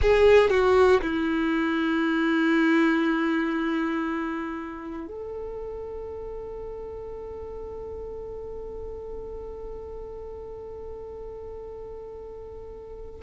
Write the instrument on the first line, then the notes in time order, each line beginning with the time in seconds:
violin
0.01 G#4
0.50 F#4
1.01 E4
5.07 A4